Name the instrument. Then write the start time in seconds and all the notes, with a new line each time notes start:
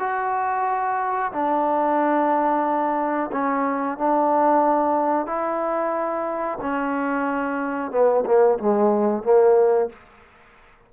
trombone
0.00 F#4
1.33 D4
3.33 C#4
3.99 D4
5.27 E4
6.62 C#4
7.92 B3
8.26 A#3
8.59 G#3
9.24 A#3